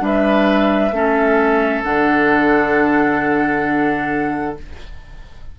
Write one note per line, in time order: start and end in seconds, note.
0.00 0.91 G3
0.00 0.91 D4
0.00 0.95 B4
0.00 1.84 E5
0.91 1.82 A3
0.91 1.85 C#4
0.91 4.59 A4
1.84 4.57 D3
1.84 4.58 D4
1.84 4.56 F#5